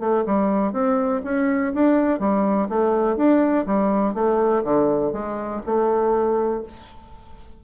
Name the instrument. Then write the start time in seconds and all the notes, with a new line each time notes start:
bassoon
0.00 A3
0.26 G3
0.73 C4
1.24 C#4
1.74 D4
2.20 G3
2.69 A3
3.17 D4
3.66 G3
4.14 A3
4.64 D3
5.13 G#3
5.66 A3